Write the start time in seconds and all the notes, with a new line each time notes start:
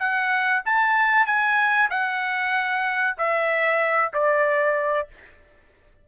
0.00 F#5
0.66 A5
1.27 G#5
1.91 F#5
3.18 E5
4.14 D5